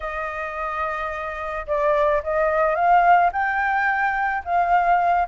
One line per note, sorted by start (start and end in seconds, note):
0.00 1.66 D#5
1.66 2.22 D5
2.23 2.75 D#5
2.75 3.31 F5
3.32 4.43 G5
4.44 5.28 F5